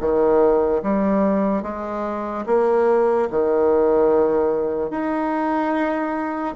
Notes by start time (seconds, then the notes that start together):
0.00 D#3
0.82 G3
1.63 G#3
2.46 A#3
3.30 D#3
4.91 D#4